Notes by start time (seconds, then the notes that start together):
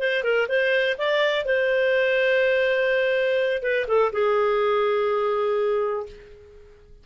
0.00 C5
0.24 A#4
0.49 C5
0.99 D5
1.46 C5
3.63 B4
3.88 A4
4.13 G#4